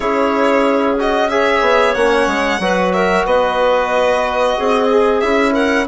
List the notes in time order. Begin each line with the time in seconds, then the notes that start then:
0.00 C#4 E4 G#4 C#5
0.98 F#4 D#5
1.29 G#4 C#5 E5
1.61 B3
1.94 A#3 C#4 F#5
2.26 G#3
2.59 F#3 F#4 B4
2.92 A#4 E5
3.25 B3 B4 D#5
4.56 C4 G#4
4.90 G#4
5.20 C#4 E4 E5
5.52 A#4 F#5